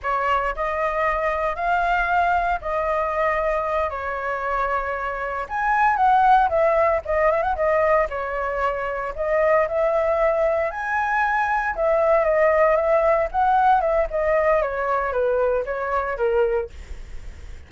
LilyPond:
\new Staff \with { instrumentName = "flute" } { \time 4/4 \tempo 4 = 115 cis''4 dis''2 f''4~ | f''4 dis''2~ dis''8 cis''8~ | cis''2~ cis''8 gis''4 fis''8~ | fis''8 e''4 dis''8 e''16 fis''16 dis''4 cis''8~ |
cis''4. dis''4 e''4.~ | e''8 gis''2 e''4 dis''8~ | dis''8 e''4 fis''4 e''8 dis''4 | cis''4 b'4 cis''4 ais'4 | }